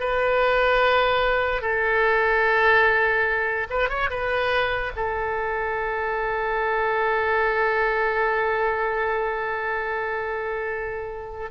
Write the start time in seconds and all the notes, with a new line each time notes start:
0.00 B4
1.62 A4
3.70 B4
3.89 C#5
4.10 B4
4.96 A4